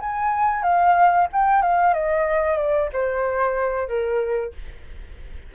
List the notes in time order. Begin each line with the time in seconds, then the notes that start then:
0.00 G#5
0.63 F5
1.33 G5
1.62 F5
1.94 D#5
2.57 D5
2.93 C5
3.88 A#4